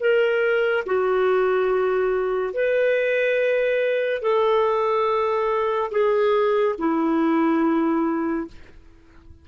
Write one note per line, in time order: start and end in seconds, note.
0.00 0.85 A#4
0.86 2.54 F#4
2.54 4.22 B4
4.22 5.91 A4
5.91 6.76 G#4
6.78 8.47 E4